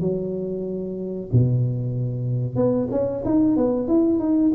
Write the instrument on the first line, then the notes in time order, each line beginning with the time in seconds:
tuba
0.00 F#3
1.32 B2
2.55 B3
2.91 C#4
3.25 D#4
3.56 B3
3.88 E4
4.19 D#4